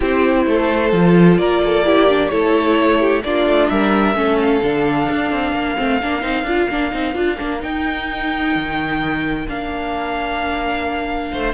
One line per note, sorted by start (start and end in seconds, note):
0.00 0.46 C4
0.00 0.92 E4
0.00 0.42 G4
0.00 1.37 C5
0.46 0.92 A3
0.46 1.38 A4
0.92 1.38 F3
0.92 1.85 F4
1.37 2.30 A#3
1.37 1.61 A#4
1.37 2.29 D5
1.64 1.86 A4
1.85 2.08 E4
1.85 2.31 G4
2.08 2.30 D4
2.29 3.23 A3
2.29 3.22 E4
2.29 3.00 A4
2.29 3.21 C#5
3.00 3.23 G4
3.23 3.46 A#3
3.23 4.15 D4
3.23 3.71 F4
3.23 3.68 D5
3.46 3.69 A3
3.68 4.14 G3
3.68 4.17 A#4
3.68 4.37 E5
4.14 4.60 A3
4.14 4.61 C#4
4.14 5.55 A4
4.41 7.62 F5
4.62 5.08 D3
4.62 5.77 D4
5.10 5.31 D4
5.31 5.52 C4
5.52 5.75 A#3
5.52 11.31 A#4
5.77 6.02 A3
5.77 6.00 C4
6.02 6.22 A#3
6.02 6.21 D4
6.21 6.43 C4
6.21 6.44 D#4
6.43 6.66 D4
6.43 6.70 F4
6.69 6.92 A#3
6.69 6.91 D4
6.91 7.15 C4
6.91 7.13 D#4
7.13 7.38 D4
7.13 7.36 F4
7.37 7.62 A#3
7.37 7.60 D4
7.60 9.44 D#4
7.60 8.55 D#4
7.60 9.46 G5
8.55 9.47 D#3
9.48 11.32 A#3
9.48 11.54 D4
9.48 11.54 F5
11.31 11.54 A3
11.31 11.54 C5